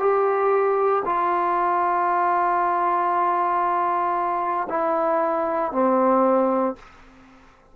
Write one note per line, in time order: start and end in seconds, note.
0.00 1.03 G4
1.06 4.68 F4
4.70 5.73 E4
5.73 6.76 C4